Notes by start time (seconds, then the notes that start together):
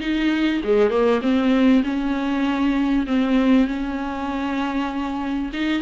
0.00 D#4
0.63 G#3
0.90 A#3
1.21 C4
1.83 C#4
3.06 C4
3.67 C#4
5.53 D#4